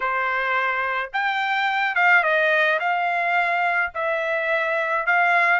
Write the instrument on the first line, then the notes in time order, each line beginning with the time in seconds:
trumpet
0.00 C5
1.13 G5
1.95 F5
2.23 D#5
2.79 F5
3.94 E5
5.06 F5